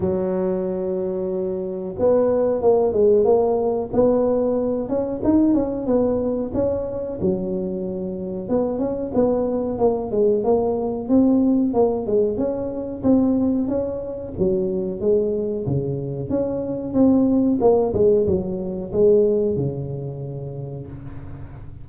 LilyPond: \new Staff \with { instrumentName = "tuba" } { \time 4/4 \tempo 4 = 92 fis2. b4 | ais8 gis8 ais4 b4. cis'8 | dis'8 cis'8 b4 cis'4 fis4~ | fis4 b8 cis'8 b4 ais8 gis8 |
ais4 c'4 ais8 gis8 cis'4 | c'4 cis'4 fis4 gis4 | cis4 cis'4 c'4 ais8 gis8 | fis4 gis4 cis2 | }